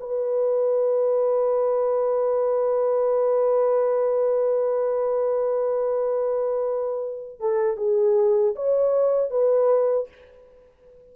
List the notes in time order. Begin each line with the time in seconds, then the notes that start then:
0.00 B4
7.40 A4
7.77 G#4
8.56 C#5
9.30 B4